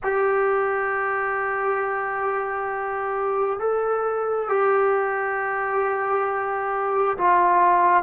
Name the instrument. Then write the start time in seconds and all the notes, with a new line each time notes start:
trombone
0.03 G4
3.59 A4
4.48 G4
7.17 F4